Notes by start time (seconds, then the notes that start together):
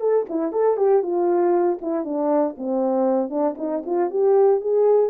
0.00 A4
0.29 E4
0.52 A4
0.77 G4
1.02 F4
1.81 E4
2.05 D4
2.57 C4
3.30 D4
3.58 D#4
3.86 F4
4.10 G4
4.60 G#4